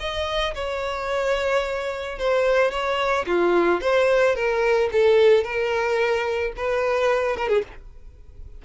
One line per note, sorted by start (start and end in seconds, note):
0.00 0.55 D#5
0.55 2.19 C#5
2.19 2.71 C5
2.71 3.26 C#5
3.27 3.81 F4
3.81 4.36 C5
4.36 4.90 A#4
4.92 5.44 A4
5.44 6.53 A#4
6.57 7.37 B4
7.37 7.49 A#4
7.49 7.63 G#4